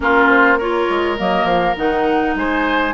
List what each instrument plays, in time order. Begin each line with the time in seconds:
0.00 bassoon A#3, clarinet C#4, oboe F4, flute A#4
0.29 flute C5
0.57 clarinet F4, oboe A#4, flute C#5
0.89 bassoon G#3
1.17 bassoon F#3, clarinet A#3, flute D#5
1.44 bassoon F3, flute F5
1.76 bassoon D#3, clarinet D#4, flute F#5
2.35 bassoon G#3, oboe C5, flute G#5